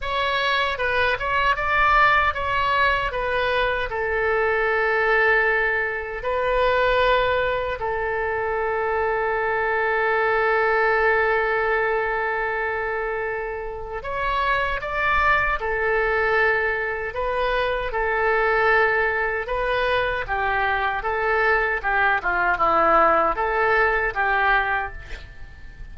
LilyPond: \new Staff \with { instrumentName = "oboe" } { \time 4/4 \tempo 4 = 77 cis''4 b'8 cis''8 d''4 cis''4 | b'4 a'2. | b'2 a'2~ | a'1~ |
a'2 cis''4 d''4 | a'2 b'4 a'4~ | a'4 b'4 g'4 a'4 | g'8 f'8 e'4 a'4 g'4 | }